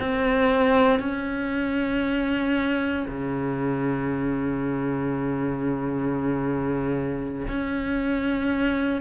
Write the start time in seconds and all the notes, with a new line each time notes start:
0.00 C4
1.00 C#4
3.08 C#3
7.48 C#4